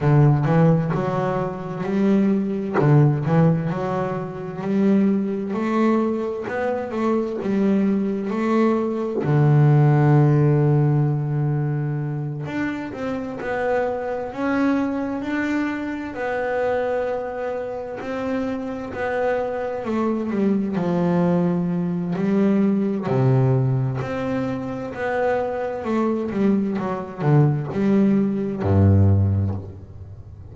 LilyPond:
\new Staff \with { instrumentName = "double bass" } { \time 4/4 \tempo 4 = 65 d8 e8 fis4 g4 d8 e8 | fis4 g4 a4 b8 a8 | g4 a4 d2~ | d4. d'8 c'8 b4 cis'8~ |
cis'8 d'4 b2 c'8~ | c'8 b4 a8 g8 f4. | g4 c4 c'4 b4 | a8 g8 fis8 d8 g4 g,4 | }